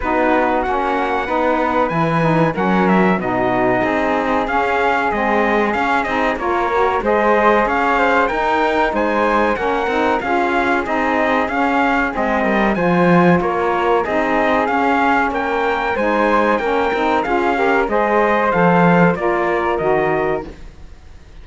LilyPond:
<<
  \new Staff \with { instrumentName = "trumpet" } { \time 4/4 \tempo 4 = 94 b'4 fis''2 gis''4 | fis''8 e''8 dis''2 f''4 | dis''4 f''8 dis''8 cis''4 dis''4 | f''4 g''4 gis''4 fis''4 |
f''4 dis''4 f''4 dis''4 | gis''4 cis''4 dis''4 f''4 | g''4 gis''4 g''4 f''4 | dis''4 f''4 d''4 dis''4 | }
  \new Staff \with { instrumentName = "flute" } { \time 4/4 fis'2 b'2 | ais'4 fis'4 gis'2~ | gis'2 ais'4 c''4 | cis''8 c''8 ais'4 c''4 ais'4 |
gis'2.~ gis'8 ais'8 | c''4 ais'4 gis'2 | ais'4 c''4 ais'4 gis'8 ais'8 | c''2 ais'2 | }
  \new Staff \with { instrumentName = "saxophone" } { \time 4/4 dis'4 cis'4 dis'4 e'8 dis'8 | cis'4 dis'2 cis'4 | c'4 cis'8 dis'8 f'8 fis'8 gis'4~ | gis'4 dis'2 cis'8 dis'8 |
f'4 dis'4 cis'4 c'4 | f'2 dis'4 cis'4~ | cis'4 dis'4 cis'8 dis'8 f'8 g'8 | gis'4 a'4 f'4 fis'4 | }
  \new Staff \with { instrumentName = "cello" } { \time 4/4 b4 ais4 b4 e4 | fis4 b,4 c'4 cis'4 | gis4 cis'8 c'8 ais4 gis4 | cis'4 dis'4 gis4 ais8 c'8 |
cis'4 c'4 cis'4 gis8 g8 | f4 ais4 c'4 cis'4 | ais4 gis4 ais8 c'8 cis'4 | gis4 f4 ais4 dis4 | }
>>